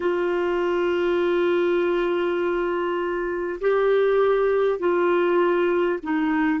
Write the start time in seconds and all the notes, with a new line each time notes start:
0.00 F4
3.60 G4
4.79 F4
6.02 D#4